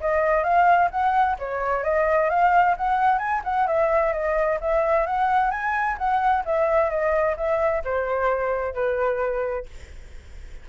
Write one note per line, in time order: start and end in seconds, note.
0.00 0.43 D#5
0.43 0.89 F5
0.90 1.37 F#5
1.38 1.83 C#5
1.83 2.29 D#5
2.29 2.75 F5
2.77 3.18 F#5
3.18 3.41 G#5
3.44 3.67 F#5
3.67 4.13 E5
4.13 4.59 D#5
4.60 5.06 E5
5.06 5.50 F#5
5.50 5.97 G#5
5.97 6.44 F#5
6.45 6.90 E5
6.90 7.36 D#5
7.36 7.83 E5
7.84 8.73 C5
8.73 9.66 B4